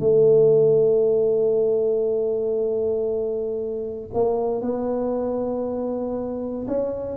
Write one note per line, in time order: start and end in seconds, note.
0.00 4.10 A3
4.14 4.62 A#3
4.62 6.67 B3
6.67 7.17 C#4